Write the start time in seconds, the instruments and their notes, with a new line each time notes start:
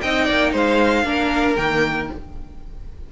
0.00 cello C4, viola D#4, violin D#5 G5
0.25 cello A#3, violin D5
0.52 cello G#3, violin C5 F5
1.03 cello A#3, viola D4, violin A#4
1.56 cello D#3, viola A#3, violin G5